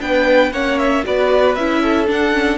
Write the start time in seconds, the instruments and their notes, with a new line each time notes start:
0.00 cello B3, viola D4, violin B4 G5
0.52 cello A#3, viola C#4, violin C#5 F#5
0.79 violin E5
1.04 cello B3, viola F#4, violin B4 D5
1.55 cello C#4, viola E4, violin E5
1.82 violin A4
2.06 viola D4, cello D4, violin F#5
2.32 viola C#4